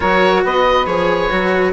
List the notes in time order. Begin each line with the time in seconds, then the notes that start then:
0.00 F#3 F#4 A#4 C#5
0.43 B3 B4 D#5
0.86 F3 G#4 C#5
1.30 F#3 F#4